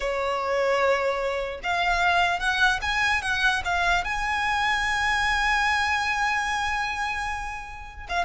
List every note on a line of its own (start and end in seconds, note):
0.00 1.60 C#5
1.63 2.39 F5
2.39 2.79 F#5
2.81 3.21 G#5
3.22 3.62 F#5
3.64 4.04 F5
4.04 8.07 G#5
8.08 8.25 F5